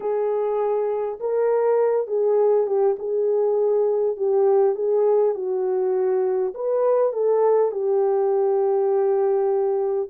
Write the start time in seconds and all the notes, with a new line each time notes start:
0.00 G#4
1.20 A#4
2.07 G#4
2.66 G4
2.99 G#4
4.16 G4
4.75 G#4
5.34 F#4
6.54 B4
7.13 A4
7.71 G4